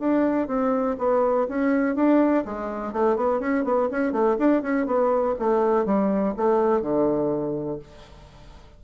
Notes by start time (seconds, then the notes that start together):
0.00 D4
0.48 C4
0.99 B3
1.49 C#4
1.96 D4
2.45 G#3
2.93 A3
3.17 B3
3.40 C#4
3.65 B3
3.91 C#4
4.12 A3
4.39 D4
4.63 C#4
4.86 B3
5.39 A3
5.86 G3
6.37 A3
6.82 D3